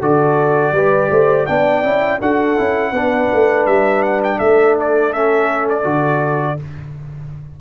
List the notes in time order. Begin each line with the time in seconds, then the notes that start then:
0.00 D3 F#4 A4 D5
0.73 G3 G4 B4
1.11 A3 C5
1.47 B3 D4 D5 G5
1.84 C#4 E4
2.22 D4 F#4 A4 F#5
2.58 C#4 E4
2.92 B3 D4 B4
3.34 A3
3.67 G3 E5
4.03 F#5
4.24 G5
4.38 A3 A4 E5
4.80 D5
5.13 C#4 E5
5.70 D5
5.84 D3 F#4